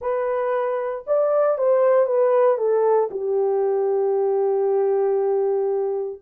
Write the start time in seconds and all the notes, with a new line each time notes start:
0.01 B4
1.07 D5
1.58 C5
2.06 B4
2.57 A4
3.10 G4